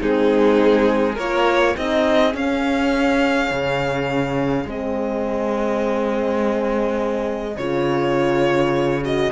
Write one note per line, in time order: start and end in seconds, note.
0.00 1.18 G#3
0.00 1.17 C4
0.00 1.14 D#4
0.00 1.19 G#4
1.14 1.76 A#3
1.14 1.76 F4
1.14 1.71 A#4
1.14 1.77 C#5
1.71 2.35 C4
1.71 2.33 D#4
1.71 9.29 G#4
1.78 2.36 D#5
2.33 4.66 C#4
2.33 3.51 C#4
2.33 4.69 F5
3.51 4.66 C#3
4.66 7.57 G#3
4.66 7.58 C4
4.66 7.58 D#5
7.57 9.32 C#3
7.57 9.03 F4
7.57 9.04 C#5
9.03 9.33 F#4
9.03 9.33 D#5